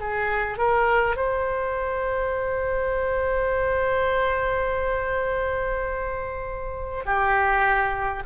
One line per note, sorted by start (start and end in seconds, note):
0.00 0.58 G#4
0.58 1.16 A#4
1.16 7.04 C5
7.05 8.23 G4